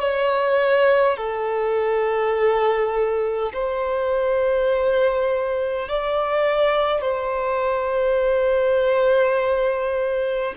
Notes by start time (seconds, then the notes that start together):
0.00 C#5
1.17 A4
3.53 C5
5.88 D5
7.01 C5